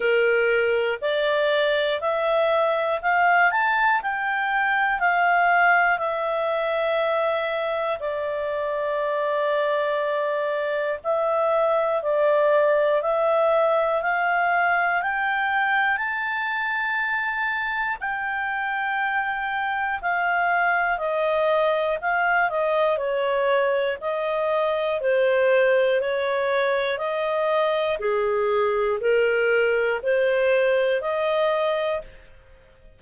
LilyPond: \new Staff \with { instrumentName = "clarinet" } { \time 4/4 \tempo 4 = 60 ais'4 d''4 e''4 f''8 a''8 | g''4 f''4 e''2 | d''2. e''4 | d''4 e''4 f''4 g''4 |
a''2 g''2 | f''4 dis''4 f''8 dis''8 cis''4 | dis''4 c''4 cis''4 dis''4 | gis'4 ais'4 c''4 dis''4 | }